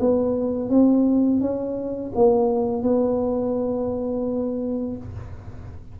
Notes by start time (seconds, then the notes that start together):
0.00 B3
0.69 C4
1.41 C#4
2.15 A#3
2.83 B3